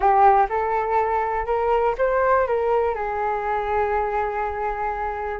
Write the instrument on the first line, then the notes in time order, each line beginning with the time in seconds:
flute
0.00 G4
0.49 A4
1.46 A#4
1.97 C5
2.47 A#4
2.94 G#4